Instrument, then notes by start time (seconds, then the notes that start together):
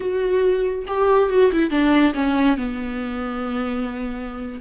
viola
0.00 F#4
0.87 G4
1.29 F#4
1.52 E4
1.70 D4
2.14 C#4
2.57 B3